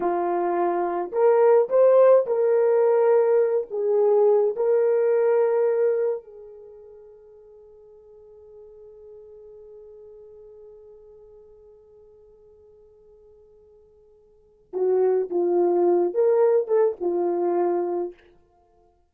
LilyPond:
\new Staff \with { instrumentName = "horn" } { \time 4/4 \tempo 4 = 106 f'2 ais'4 c''4 | ais'2~ ais'8 gis'4. | ais'2. gis'4~ | gis'1~ |
gis'1~ | gis'1~ | gis'2 fis'4 f'4~ | f'8 ais'4 a'8 f'2 | }